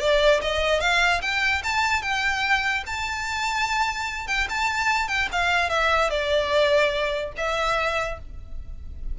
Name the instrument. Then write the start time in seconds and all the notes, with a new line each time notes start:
violin
0.00 D5
0.42 D#5
0.81 F5
1.22 G5
1.64 A5
2.03 G5
2.87 A5
4.28 G5
4.50 A5
5.09 G5
5.33 F5
5.70 E5
6.11 D5
7.37 E5